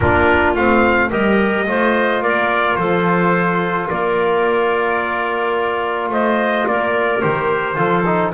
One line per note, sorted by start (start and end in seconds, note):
0.00 0.55 A#3
0.00 0.57 D4
0.00 1.10 F4
0.00 0.54 A#4
0.55 1.10 A3
0.55 1.10 C4
0.55 1.11 F5
1.10 1.68 G3
1.10 1.66 G4
1.10 1.65 A#4
1.10 2.22 D#5
1.66 2.21 A3
1.66 7.21 F4
1.66 2.22 C5
2.21 2.77 A#3
2.21 2.78 A#4
2.21 2.76 D5
2.76 3.88 F3
2.76 3.89 A4
2.76 3.87 C5
3.89 6.09 A#3
3.89 6.11 A#4
3.89 6.11 D5
6.09 6.64 A3
6.09 6.66 C5
6.09 6.67 D#5
6.67 7.23 A#3
6.67 7.76 A#4
6.67 7.21 D5
7.21 7.77 D#3
7.21 7.75 G4
7.21 8.32 C5
7.75 8.33 F3
7.75 8.03 F4
7.75 8.31 A4
8.05 8.33 D#4